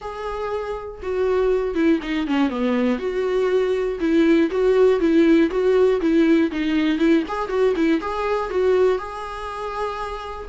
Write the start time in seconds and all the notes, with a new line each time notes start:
0.01 G#4
1.02 F#4
1.74 E4
2.02 D#4
2.27 C#4
2.49 B3
2.98 F#4
4.00 E4
4.50 F#4
5.00 E4
5.50 F#4
6.00 E4
6.51 D#4
6.98 E4
7.28 G#4
7.48 F#4
7.76 E4
8.00 G#4
8.50 F#4
8.98 G#4